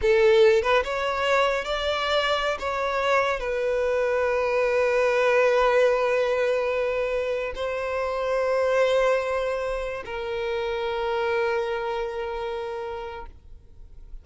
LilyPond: \new Staff \with { instrumentName = "violin" } { \time 4/4 \tempo 4 = 145 a'4. b'8 cis''2 | d''2~ d''16 cis''4.~ cis''16~ | cis''16 b'2.~ b'8.~ | b'1~ |
b'2~ b'16 c''4.~ c''16~ | c''1~ | c''16 ais'2.~ ais'8.~ | ais'1 | }